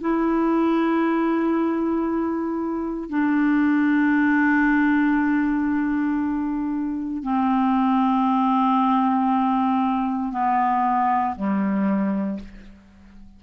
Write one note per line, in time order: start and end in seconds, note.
0.00 3.09 E4
3.09 7.23 D4
7.23 10.32 C4
10.32 11.35 B3
11.36 12.39 G3